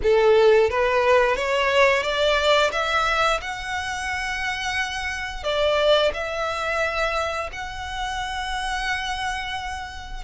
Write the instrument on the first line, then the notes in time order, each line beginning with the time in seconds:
violin
0.02 A4
0.70 B4
1.36 C#5
2.02 D5
2.72 E5
3.41 F#5
5.43 D5
6.13 E5
7.52 F#5